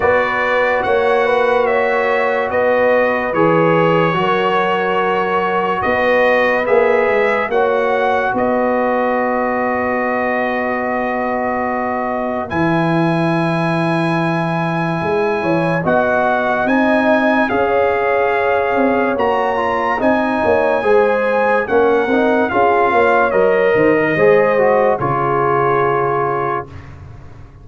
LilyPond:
<<
  \new Staff \with { instrumentName = "trumpet" } { \time 4/4 \tempo 4 = 72 d''4 fis''4 e''4 dis''4 | cis''2. dis''4 | e''4 fis''4 dis''2~ | dis''2. gis''4~ |
gis''2. fis''4 | gis''4 f''2 ais''4 | gis''2 fis''4 f''4 | dis''2 cis''2 | }
  \new Staff \with { instrumentName = "horn" } { \time 4/4 b'4 cis''8 b'8 cis''4 b'4~ | b'4 ais'2 b'4~ | b'4 cis''4 b'2~ | b'1~ |
b'2~ b'8 cis''8 dis''4~ | dis''4 cis''2. | dis''8 cis''8 c''4 ais'4 gis'8 cis''8~ | cis''8 c''16 ais'16 c''4 gis'2 | }
  \new Staff \with { instrumentName = "trombone" } { \time 4/4 fis'1 | gis'4 fis'2. | gis'4 fis'2.~ | fis'2. e'4~ |
e'2. fis'4 | dis'4 gis'2 fis'8 f'8 | dis'4 gis'4 cis'8 dis'8 f'4 | ais'4 gis'8 fis'8 f'2 | }
  \new Staff \with { instrumentName = "tuba" } { \time 4/4 b4 ais2 b4 | e4 fis2 b4 | ais8 gis8 ais4 b2~ | b2. e4~ |
e2 gis8 e8 b4 | c'4 cis'4. c'8 ais4 | c'8 ais8 gis4 ais8 c'8 cis'8 ais8 | fis8 dis8 gis4 cis2 | }
>>